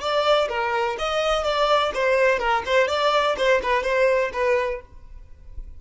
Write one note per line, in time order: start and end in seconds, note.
0.00 0.48 D5
0.49 0.97 A#4
0.99 1.44 D#5
1.44 1.92 D5
1.94 2.39 C5
2.39 2.63 A#4
2.66 2.88 C5
2.88 3.36 D5
3.38 3.62 C5
3.62 3.83 B4
3.83 4.31 C5
4.33 4.81 B4